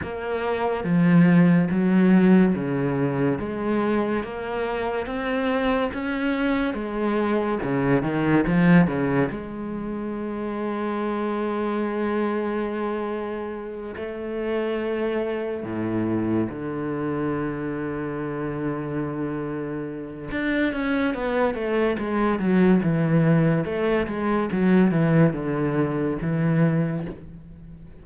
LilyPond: \new Staff \with { instrumentName = "cello" } { \time 4/4 \tempo 4 = 71 ais4 f4 fis4 cis4 | gis4 ais4 c'4 cis'4 | gis4 cis8 dis8 f8 cis8 gis4~ | gis1~ |
gis8 a2 a,4 d8~ | d1 | d'8 cis'8 b8 a8 gis8 fis8 e4 | a8 gis8 fis8 e8 d4 e4 | }